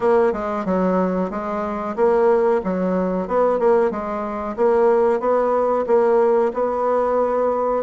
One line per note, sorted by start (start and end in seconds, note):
0.00 0.32 A#3
0.33 0.65 G#3
0.65 1.30 F#3
1.30 1.95 G#3
1.96 2.61 A#3
2.64 3.27 F#3
3.27 3.59 B3
3.59 3.90 A#3
3.90 4.56 G#3
4.56 5.20 A#3
5.20 5.85 B3
5.86 6.52 A#3
6.53 7.83 B3